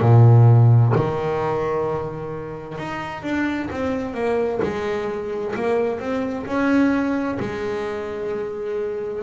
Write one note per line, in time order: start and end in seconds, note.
0.00 0.92 A#2
0.95 2.77 D#3
2.77 3.22 D#4
3.22 3.68 D4
3.70 4.13 C4
4.13 4.59 A#3
4.62 5.54 G#3
5.55 5.99 A#3
5.99 6.45 C4
6.46 7.38 C#4
7.39 9.22 G#3